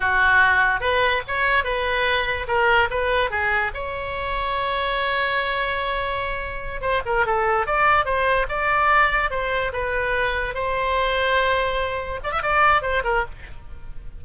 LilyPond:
\new Staff \with { instrumentName = "oboe" } { \time 4/4 \tempo 4 = 145 fis'2 b'4 cis''4 | b'2 ais'4 b'4 | gis'4 cis''2.~ | cis''1~ |
cis''8 c''8 ais'8 a'4 d''4 c''8~ | c''8 d''2 c''4 b'8~ | b'4. c''2~ c''8~ | c''4. d''16 e''16 d''4 c''8 ais'8 | }